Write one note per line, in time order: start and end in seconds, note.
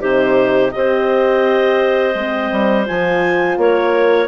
0.00 0.73 C3
0.00 0.71 D#4
0.00 0.72 G4
0.00 0.71 C5
0.71 2.15 C4
0.71 2.16 G4
0.71 3.60 C5
0.71 2.85 D#5
2.15 2.50 G#3
2.15 2.86 C4
2.51 2.87 G3
2.86 3.57 F3
2.86 4.28 F4
2.86 3.58 G#5
3.57 4.28 A#3
3.57 4.28 A#4
3.57 4.28 C#5